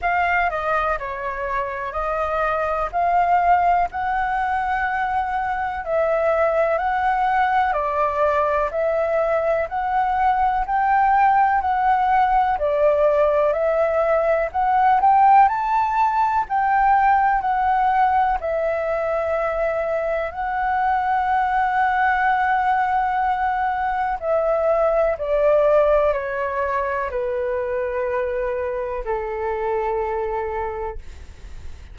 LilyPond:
\new Staff \with { instrumentName = "flute" } { \time 4/4 \tempo 4 = 62 f''8 dis''8 cis''4 dis''4 f''4 | fis''2 e''4 fis''4 | d''4 e''4 fis''4 g''4 | fis''4 d''4 e''4 fis''8 g''8 |
a''4 g''4 fis''4 e''4~ | e''4 fis''2.~ | fis''4 e''4 d''4 cis''4 | b'2 a'2 | }